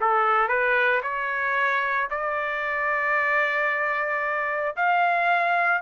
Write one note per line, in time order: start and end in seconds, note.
0.00 0.48 A4
0.48 1.01 B4
1.02 2.09 C#5
2.10 4.75 D5
4.76 5.82 F5